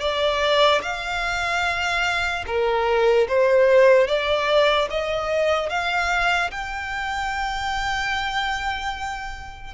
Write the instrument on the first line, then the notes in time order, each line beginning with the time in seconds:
violin
0.00 D5
0.82 F5
2.46 A#4
3.28 C5
4.07 D5
4.90 D#5
5.69 F5
6.50 G5